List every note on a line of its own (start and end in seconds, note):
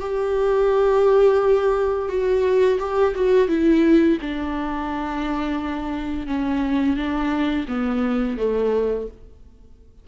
0.00 2.09 G4
2.09 2.78 F#4
2.79 3.14 G4
3.15 3.48 F#4
3.48 4.18 E4
4.21 6.27 D4
6.27 6.96 C#4
6.96 7.66 D4
7.68 8.38 B3
8.38 9.07 A3